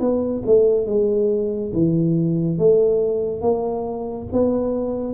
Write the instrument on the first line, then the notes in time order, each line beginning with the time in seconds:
tuba
0.00 B3
0.46 A3
0.86 G#3
1.73 E3
2.58 A3
3.41 A#3
4.32 B3